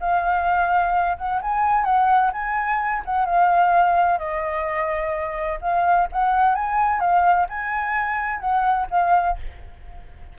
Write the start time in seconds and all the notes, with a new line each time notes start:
0.00 F5
1.18 F#5
1.42 G#5
1.84 F#5
2.32 G#5
3.05 F#5
3.26 F5
4.18 D#5
5.61 F5
6.12 F#5
6.55 G#5
7.00 F5
7.49 G#5
8.40 F#5
8.90 F5